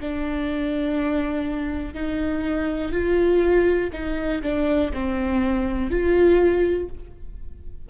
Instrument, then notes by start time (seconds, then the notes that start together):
viola
0.00 D4
1.94 D#4
2.92 F4
3.93 D#4
4.42 D4
4.93 C4
5.90 F4